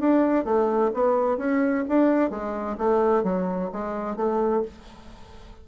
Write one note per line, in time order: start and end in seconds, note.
0.00 0.45 D4
0.45 0.91 A3
0.94 1.38 B3
1.38 1.84 C#4
1.89 2.30 D4
2.30 2.77 G#3
2.78 3.24 A3
3.24 3.70 F#3
3.73 4.16 G#3
4.16 4.63 A3